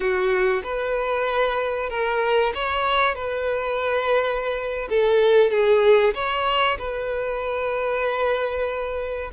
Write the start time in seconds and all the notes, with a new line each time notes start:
0.00 F#4
0.63 B4
1.89 A#4
2.54 C#5
3.14 B4
4.89 A4
5.50 G#4
6.14 C#5
6.78 B4